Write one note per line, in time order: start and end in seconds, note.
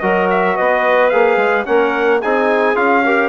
0.00 0.57 F#3
0.00 1.12 F#4
0.00 0.56 A#4
0.00 0.28 D#5
0.30 0.56 E5
0.56 1.13 B3
0.56 1.66 B4
0.56 1.09 D#5
1.09 1.37 A#3
1.09 1.65 G#4
1.09 1.64 F5
1.37 1.64 G#3
1.65 2.23 A#3
1.65 2.20 C#4
1.65 2.21 A#4
1.65 2.21 F#5
2.21 2.76 C4
2.21 2.75 D#4
2.21 3.04 G#4
2.21 2.76 G#5
2.75 3.29 C#4
2.75 3.02 F4
2.75 3.29 F5
3.04 3.29 G4
3.04 3.29 A#4